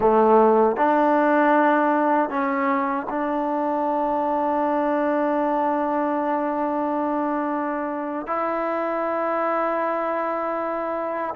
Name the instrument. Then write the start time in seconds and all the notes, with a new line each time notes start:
trombone
0.00 A3
0.76 D4
2.29 C#4
3.09 D4
8.27 E4